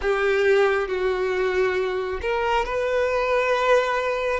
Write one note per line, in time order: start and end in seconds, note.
0.01 0.88 G4
0.88 2.20 F#4
2.21 2.65 A#4
2.65 4.40 B4